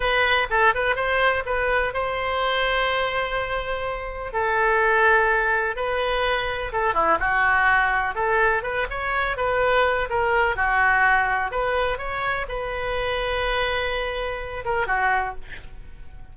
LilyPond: \new Staff \with { instrumentName = "oboe" } { \time 4/4 \tempo 4 = 125 b'4 a'8 b'8 c''4 b'4 | c''1~ | c''4 a'2. | b'2 a'8 e'8 fis'4~ |
fis'4 a'4 b'8 cis''4 b'8~ | b'4 ais'4 fis'2 | b'4 cis''4 b'2~ | b'2~ b'8 ais'8 fis'4 | }